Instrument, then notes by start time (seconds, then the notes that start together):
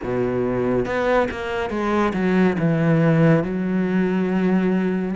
cello
0.03 B2
0.85 B3
1.31 A#3
1.69 G#3
2.14 F#3
2.58 E3
3.43 F#3